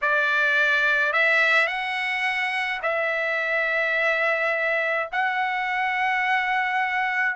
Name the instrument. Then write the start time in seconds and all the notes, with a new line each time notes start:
trumpet
0.01 D5
1.12 E5
1.67 F#5
2.82 E5
5.11 F#5